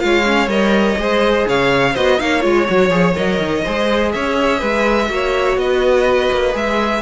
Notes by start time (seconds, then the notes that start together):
0.00 G#3 F4 C#5 F5
0.26 C#4
0.48 G3 A#4 D#5
0.97 G#3 G#4 C5
1.48 C#3 C#5 F5
1.94 B3 F#4 C5 D#5
2.19 A#3 D#4 C#5 F5
2.42 G#3 F4 C#5
2.68 F#3 F#4
2.89 F3 G#4
3.15 F#3 A#4 D#5
3.40 D#3
3.64 G#3 G#4 C5
4.13 C#4 C#5 E5
4.59 G#3 B4
5.09 A#3 F#4 C#5
5.57 B3 B4 D#5
6.32 A#3
6.53 G#3 G#4 E5